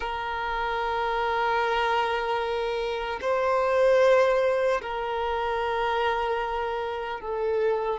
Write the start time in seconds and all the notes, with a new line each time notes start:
0.00 A#4
3.21 C5
4.81 A#4
7.20 A4